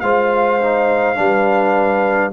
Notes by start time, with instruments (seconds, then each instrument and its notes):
0.00 tuba G#3, trombone F4, horn C5, trumpet F5
0.61 trombone D#4
1.15 tuba G3, trombone D4, horn B4